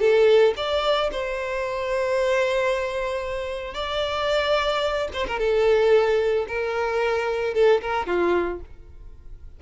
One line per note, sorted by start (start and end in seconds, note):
0.00 0.54 A4
0.56 1.10 D5
1.12 3.74 C5
3.74 5.08 D5
5.13 5.26 C5
5.27 5.39 A#4
5.39 6.46 A4
6.48 7.54 A#4
7.54 7.81 A4
7.81 8.06 A#4
8.06 8.60 F4